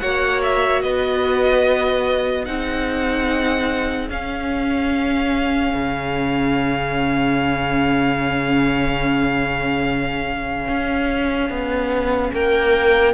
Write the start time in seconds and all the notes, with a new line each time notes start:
0.00 A#3 F#4 C#5 F#5
0.43 E5
0.82 B3 B4 D#5
2.45 C4 D#4 G#4 F#5
4.10 C#4 F5
5.74 C#3
10.68 C#4
11.50 B3
12.33 A#3 A#4 G5